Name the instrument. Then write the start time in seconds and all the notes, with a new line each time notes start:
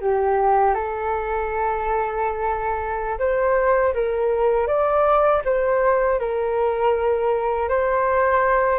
flute
0.00 G4
0.74 A4
3.18 C5
3.93 A#4
4.67 D5
5.44 C5
6.19 A#4
7.68 C5